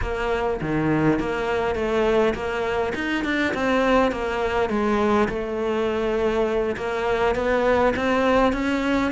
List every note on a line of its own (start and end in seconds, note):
0.01 0.60 A#3
0.61 1.19 D#3
1.19 1.75 A#3
1.75 2.34 A3
2.34 2.93 A#3
2.94 3.24 D#4
3.24 3.53 D4
3.53 4.11 C4
4.11 4.69 A#3
4.69 5.28 G#3
5.29 6.76 A3
6.76 7.35 A#3
7.35 7.94 B3
7.96 8.52 C4
8.52 9.11 C#4